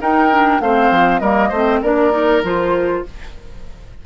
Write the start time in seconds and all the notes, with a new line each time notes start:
0.00 D#4 A#4 G5
0.31 D4
0.60 A3 C4 C5 F5
0.91 F3
1.20 G3 A#3 A#4 D#5
1.49 A3 C5
1.55 C4
1.82 A#3 D4 A#4 D5
2.11 D#4
2.43 F3 F4 C5